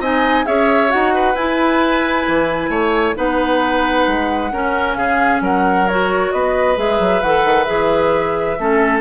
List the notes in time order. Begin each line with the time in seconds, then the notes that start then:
0.00 C4 D#4 D#5 G#5
0.46 C#4 G#4 C#5 E5
0.89 D#4 F#4 F#5
1.15 B4
1.35 E4 G#5
2.28 E3
2.70 A3 C#5
3.16 B3 D#4 B4 F#5
4.08 G#3
4.52 C#4 A#4
4.95 C#3 G#4 F5
5.41 F#3 A#4 F#5
5.88 F#4 C#5
6.32 B3 B4 D#5
6.77 G#3 G#4 E5
7.00 F#3
7.23 E3 A4 F#5
7.45 D#3
7.64 E3 G#4 E5
8.59 A3 C#4 A4